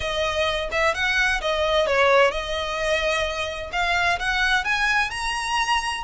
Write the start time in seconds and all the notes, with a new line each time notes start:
0.00 D#5
0.71 E5
0.94 F#5
1.41 D#5
1.86 C#5
2.31 D#5
3.72 F5
4.19 F#5
4.64 G#5
5.10 A#5